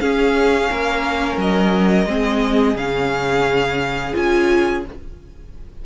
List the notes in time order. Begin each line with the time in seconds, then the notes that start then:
0.00 C#4 G#4 F5
0.71 A#3 A#4
1.37 F#3 D#5
2.06 G#3 C4 G#4
2.76 C#3 C#4 F5
4.14 C#4 F4 G#5